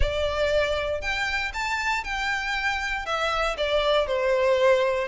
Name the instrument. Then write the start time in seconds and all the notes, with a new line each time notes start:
violin
0.00 D5
1.01 G5
1.53 A5
2.04 G5
3.05 E5
3.57 D5
4.06 C5